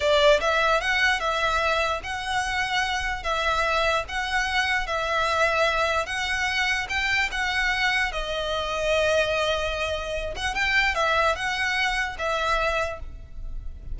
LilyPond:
\new Staff \with { instrumentName = "violin" } { \time 4/4 \tempo 4 = 148 d''4 e''4 fis''4 e''4~ | e''4 fis''2. | e''2 fis''2 | e''2. fis''4~ |
fis''4 g''4 fis''2 | dis''1~ | dis''4. fis''8 g''4 e''4 | fis''2 e''2 | }